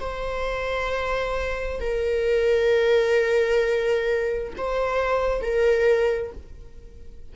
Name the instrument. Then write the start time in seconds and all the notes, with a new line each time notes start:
viola
0.00 C5
1.81 A#4
4.57 C5
5.41 A#4